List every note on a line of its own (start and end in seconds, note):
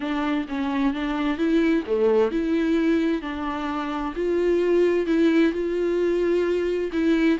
0.00 0.46 D4
0.48 0.93 C#4
0.93 1.37 D4
1.37 1.83 E4
1.86 2.31 A3
2.31 3.21 E4
3.21 4.13 D4
4.15 5.06 F4
5.06 5.52 E4
5.52 6.91 F4
6.92 7.38 E4